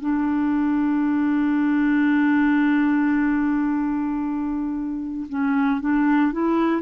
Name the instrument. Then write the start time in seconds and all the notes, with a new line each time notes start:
clarinet
0.00 D4
5.29 C#4
5.80 D4
6.32 E4